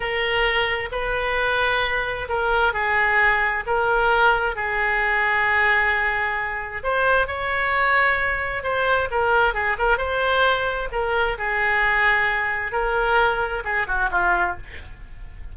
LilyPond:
\new Staff \with { instrumentName = "oboe" } { \time 4/4 \tempo 4 = 132 ais'2 b'2~ | b'4 ais'4 gis'2 | ais'2 gis'2~ | gis'2. c''4 |
cis''2. c''4 | ais'4 gis'8 ais'8 c''2 | ais'4 gis'2. | ais'2 gis'8 fis'8 f'4 | }